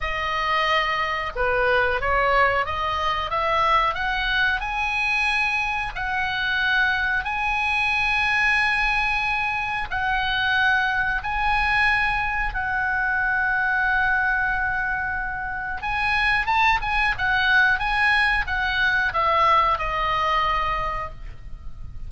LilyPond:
\new Staff \with { instrumentName = "oboe" } { \time 4/4 \tempo 4 = 91 dis''2 b'4 cis''4 | dis''4 e''4 fis''4 gis''4~ | gis''4 fis''2 gis''4~ | gis''2. fis''4~ |
fis''4 gis''2 fis''4~ | fis''1 | gis''4 a''8 gis''8 fis''4 gis''4 | fis''4 e''4 dis''2 | }